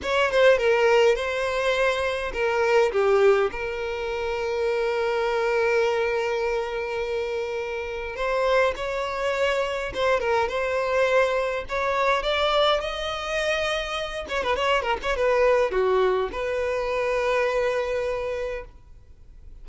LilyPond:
\new Staff \with { instrumentName = "violin" } { \time 4/4 \tempo 4 = 103 cis''8 c''8 ais'4 c''2 | ais'4 g'4 ais'2~ | ais'1~ | ais'2 c''4 cis''4~ |
cis''4 c''8 ais'8 c''2 | cis''4 d''4 dis''2~ | dis''8 cis''16 b'16 cis''8 ais'16 cis''16 b'4 fis'4 | b'1 | }